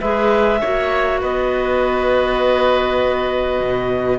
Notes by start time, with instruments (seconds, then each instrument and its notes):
0.00 cello G#3, clarinet G#4 E5, oboe B4
0.60 cello A#3, clarinet F#4, oboe C#5
1.21 cello B3, oboe B4, clarinet D#5
3.60 cello B2